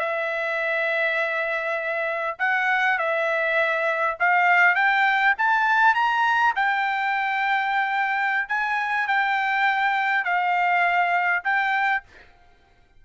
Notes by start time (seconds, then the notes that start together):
0.00 E5
2.39 F#5
2.99 E5
4.20 F5
4.76 G5
5.38 A5
5.95 A#5
6.56 G5
8.49 G#5
9.08 G5
10.25 F5
11.44 G5